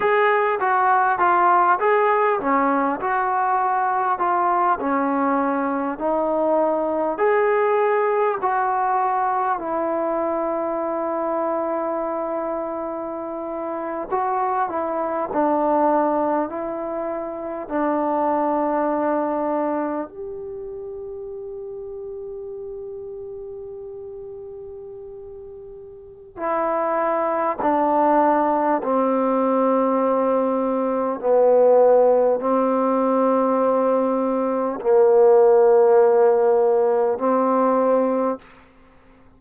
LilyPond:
\new Staff \with { instrumentName = "trombone" } { \time 4/4 \tempo 4 = 50 gis'8 fis'8 f'8 gis'8 cis'8 fis'4 f'8 | cis'4 dis'4 gis'4 fis'4 | e'2.~ e'8. fis'16~ | fis'16 e'8 d'4 e'4 d'4~ d'16~ |
d'8. g'2.~ g'16~ | g'2 e'4 d'4 | c'2 b4 c'4~ | c'4 ais2 c'4 | }